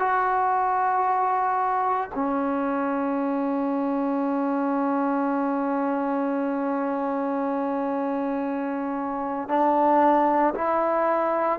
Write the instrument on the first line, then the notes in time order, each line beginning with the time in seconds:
trombone
0.00 F#4
2.15 C#4
9.49 D4
10.55 E4